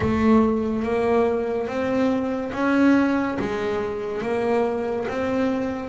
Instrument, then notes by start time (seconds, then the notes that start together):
double bass
0.00 A3
0.83 A#3
1.67 C4
2.53 C#4
3.39 G#3
4.22 A#3
5.08 C4